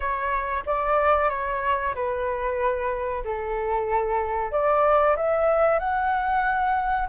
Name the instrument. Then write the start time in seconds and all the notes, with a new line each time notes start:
flute
0.00 C#5
0.66 D5
1.29 C#5
1.94 B4
3.24 A4
4.51 D5
5.16 E5
5.79 F#5